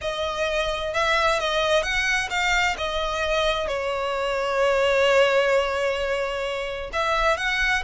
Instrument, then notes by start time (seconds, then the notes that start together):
violin
0.01 D#5
0.93 E5
1.39 D#5
1.82 F#5
2.30 F5
2.77 D#5
3.67 C#5
6.93 E5
7.37 F#5